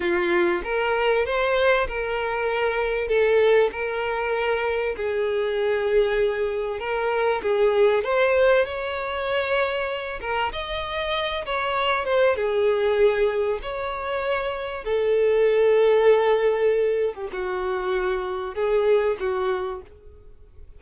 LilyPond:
\new Staff \with { instrumentName = "violin" } { \time 4/4 \tempo 4 = 97 f'4 ais'4 c''4 ais'4~ | ais'4 a'4 ais'2 | gis'2. ais'4 | gis'4 c''4 cis''2~ |
cis''8 ais'8 dis''4. cis''4 c''8 | gis'2 cis''2 | a'2.~ a'8. g'16 | fis'2 gis'4 fis'4 | }